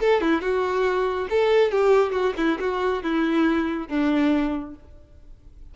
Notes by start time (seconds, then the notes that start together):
0.00 A4
0.21 E4
0.41 F#4
1.29 A4
1.71 G4
2.12 F#4
2.37 E4
2.60 F#4
3.03 E4
3.88 D4